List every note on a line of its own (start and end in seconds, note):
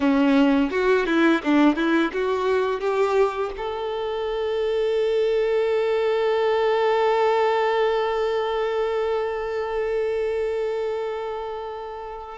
0.00 0.71 C#4
0.71 1.06 F#4
1.06 1.41 E4
1.43 1.76 D4
1.76 2.11 E4
2.12 2.80 F#4
2.80 3.51 G4
3.56 12.38 A4